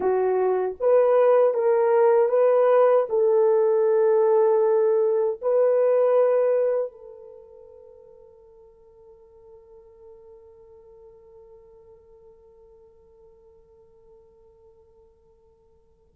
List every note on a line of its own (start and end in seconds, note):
0.00 0.75 F#4
0.80 1.54 B4
1.54 2.29 A#4
2.29 3.06 B4
3.09 5.40 A4
5.41 6.91 B4
6.91 16.14 A4